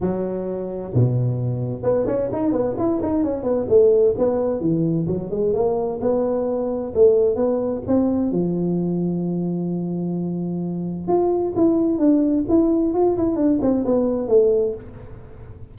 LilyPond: \new Staff \with { instrumentName = "tuba" } { \time 4/4 \tempo 4 = 130 fis2 b,2 | b8 cis'8 dis'8 b8 e'8 dis'8 cis'8 b8 | a4 b4 e4 fis8 gis8 | ais4 b2 a4 |
b4 c'4 f2~ | f1 | f'4 e'4 d'4 e'4 | f'8 e'8 d'8 c'8 b4 a4 | }